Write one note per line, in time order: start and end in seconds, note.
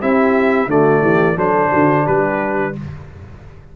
0.00 0.66 C4
0.00 0.68 E4
0.00 0.68 G4
0.00 0.69 E5
0.66 1.00 D3
0.66 1.36 A3
0.66 1.01 F#4
0.66 1.38 D5
1.01 1.36 E3
1.01 1.36 G4
1.36 1.70 F#3
1.36 2.73 D4
1.36 1.69 A4
1.36 2.06 C5
1.69 2.07 D3
1.69 2.03 F#4
2.03 2.76 G3
2.03 2.72 G4
2.03 2.75 B4